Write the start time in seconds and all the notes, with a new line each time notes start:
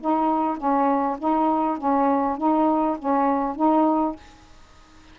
0.00 D#4
0.57 C#4
1.18 D#4
1.78 C#4
2.37 D#4
2.99 C#4
3.56 D#4